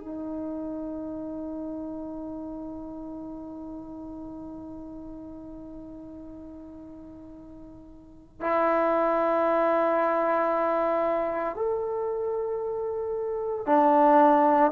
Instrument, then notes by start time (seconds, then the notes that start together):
trombone
0.00 D#4
8.41 E4
11.56 A4
13.67 D4